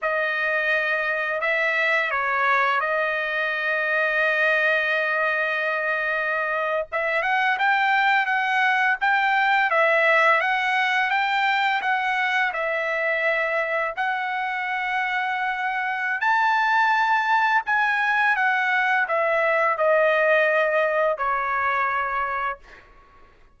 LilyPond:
\new Staff \with { instrumentName = "trumpet" } { \time 4/4 \tempo 4 = 85 dis''2 e''4 cis''4 | dis''1~ | dis''4.~ dis''16 e''8 fis''8 g''4 fis''16~ | fis''8. g''4 e''4 fis''4 g''16~ |
g''8. fis''4 e''2 fis''16~ | fis''2. a''4~ | a''4 gis''4 fis''4 e''4 | dis''2 cis''2 | }